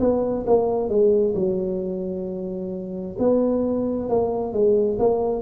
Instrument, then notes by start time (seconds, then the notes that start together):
tuba
0.00 B3
0.47 A#3
0.89 G#3
1.35 F#3
3.19 B3
4.10 A#3
4.53 G#3
4.99 A#3